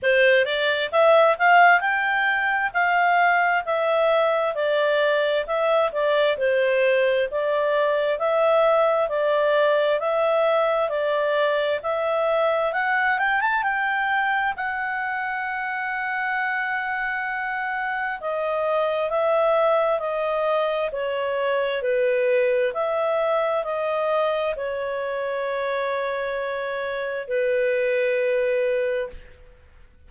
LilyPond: \new Staff \with { instrumentName = "clarinet" } { \time 4/4 \tempo 4 = 66 c''8 d''8 e''8 f''8 g''4 f''4 | e''4 d''4 e''8 d''8 c''4 | d''4 e''4 d''4 e''4 | d''4 e''4 fis''8 g''16 a''16 g''4 |
fis''1 | dis''4 e''4 dis''4 cis''4 | b'4 e''4 dis''4 cis''4~ | cis''2 b'2 | }